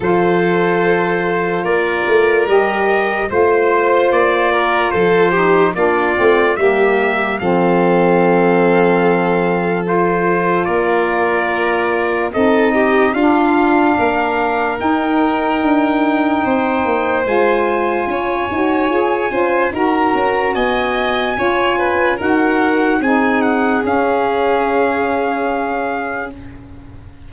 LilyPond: <<
  \new Staff \with { instrumentName = "trumpet" } { \time 4/4 \tempo 4 = 73 c''2 d''4 dis''4 | c''4 d''4 c''4 d''4 | e''4 f''2. | c''4 d''2 dis''4 |
f''2 g''2~ | g''4 gis''2. | ais''4 gis''2 fis''4 | gis''8 fis''8 f''2. | }
  \new Staff \with { instrumentName = "violin" } { \time 4/4 a'2 ais'2 | c''4. ais'8 a'8 g'8 f'4 | g'4 a'2.~ | a'4 ais'2 a'8 g'8 |
f'4 ais'2. | c''2 cis''4. c''8 | ais'4 dis''4 cis''8 b'8 ais'4 | gis'1 | }
  \new Staff \with { instrumentName = "saxophone" } { \time 4/4 f'2. g'4 | f'2~ f'8 dis'8 d'8 c'8 | ais4 c'2. | f'2. dis'4 |
d'2 dis'2~ | dis'4 f'4. fis'8 gis'8 f'8 | fis'2 f'4 fis'4 | dis'4 cis'2. | }
  \new Staff \with { instrumentName = "tuba" } { \time 4/4 f2 ais8 a8 g4 | a4 ais4 f4 ais8 a8 | g4 f2.~ | f4 ais2 c'4 |
d'4 ais4 dis'4 d'4 | c'8 ais8 gis4 cis'8 dis'8 f'8 cis'8 | dis'8 cis'8 b4 cis'4 dis'4 | c'4 cis'2. | }
>>